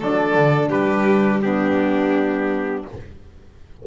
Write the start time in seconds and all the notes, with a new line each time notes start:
0.00 F#3 D4 A4 D5
0.35 D3
0.69 G3 G4 B4
1.42 B3 D4 G4